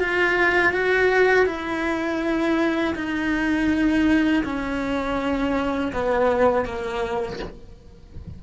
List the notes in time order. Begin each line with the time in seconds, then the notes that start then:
0.00 F4
0.73 F#4
1.46 E4
2.95 D#4
4.44 C#4
5.93 B3
6.65 A#3